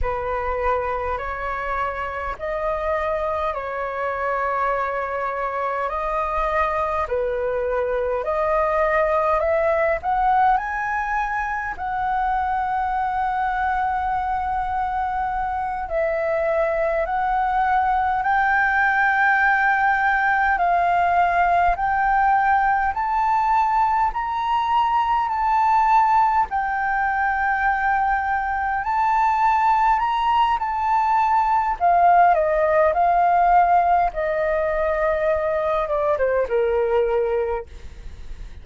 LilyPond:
\new Staff \with { instrumentName = "flute" } { \time 4/4 \tempo 4 = 51 b'4 cis''4 dis''4 cis''4~ | cis''4 dis''4 b'4 dis''4 | e''8 fis''8 gis''4 fis''2~ | fis''4. e''4 fis''4 g''8~ |
g''4. f''4 g''4 a''8~ | a''8 ais''4 a''4 g''4.~ | g''8 a''4 ais''8 a''4 f''8 dis''8 | f''4 dis''4. d''16 c''16 ais'4 | }